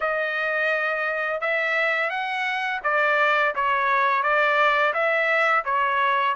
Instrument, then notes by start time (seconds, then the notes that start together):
trumpet
0.00 D#5
1.41 E5
2.10 F#5
2.83 D5
3.55 C#5
4.22 D5
4.93 E5
5.64 C#5